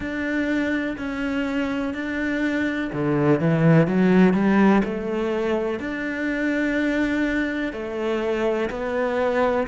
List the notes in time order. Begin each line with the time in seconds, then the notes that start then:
0.00 D4
0.97 C#4
1.94 D4
2.93 D3
3.40 E3
3.87 F#3
4.33 G3
4.84 A3
5.79 D4
7.72 A3
8.70 B3